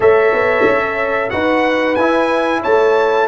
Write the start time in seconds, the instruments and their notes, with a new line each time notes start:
0.00 tuba A3, trombone A4, horn C#5, trumpet E5
0.32 tuba B3
0.66 tuba C#4
1.30 tuba D#4, trombone F#4, horn B4, trumpet F#5
1.95 tuba E4, trombone E4, trumpet G#5
2.61 tuba A3, horn C#5, trumpet A5